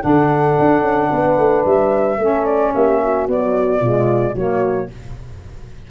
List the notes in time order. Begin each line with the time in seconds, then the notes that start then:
0.00 D3 D4 A4 F#5
0.59 D4
0.81 C#4
1.10 B3 B4
1.37 A3
1.65 G3 E5
2.18 A3 C#4 A4
2.45 D5
2.74 A#3 G4 E5
3.02 F#4
3.27 F#3 B3 D5
3.79 B2 G#3 F4
4.34 F#3 A#3 F#4 C#5